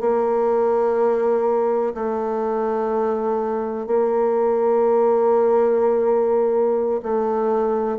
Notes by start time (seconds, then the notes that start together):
0.00 A#3
1.94 A3
3.87 A#3
7.02 A3